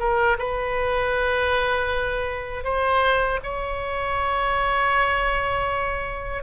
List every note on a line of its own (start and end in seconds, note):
0.00 0.38 A#4
0.39 2.64 B4
2.64 3.40 C5
3.44 6.43 C#5